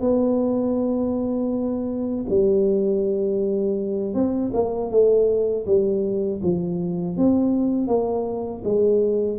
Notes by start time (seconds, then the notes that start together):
0.00 B3
2.28 G3
4.14 C4
4.53 A#3
4.90 A3
5.66 G3
6.42 F3
7.17 C4
7.87 A#3
8.64 G#3